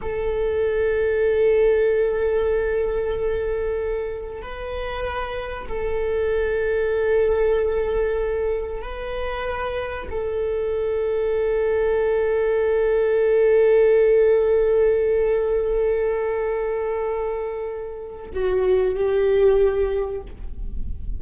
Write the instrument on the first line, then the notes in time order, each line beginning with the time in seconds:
viola
0.01 A4
4.42 B4
5.68 A4
8.82 B4
10.10 A4
18.33 F#4
18.95 G4